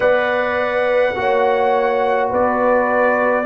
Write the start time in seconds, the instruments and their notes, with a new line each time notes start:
0.00 tuba B3, trombone B4, horn D5, trumpet F#5
1.15 tuba A#3, trombone F#4, horn C#5
2.30 tuba B3, horn B4, trumpet D5